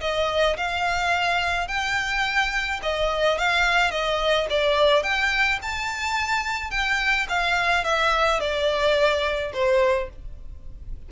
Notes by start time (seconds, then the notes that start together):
0.00 D#5
0.56 F5
1.67 G5
2.82 D#5
3.38 F5
3.90 D#5
4.49 D5
5.03 G5
5.62 A5
6.70 G5
7.28 F5
7.84 E5
8.40 D5
9.53 C5